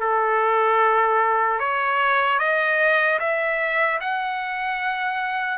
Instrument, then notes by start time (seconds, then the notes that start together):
trumpet
0.00 A4
1.60 C#5
2.39 D#5
3.20 E5
4.01 F#5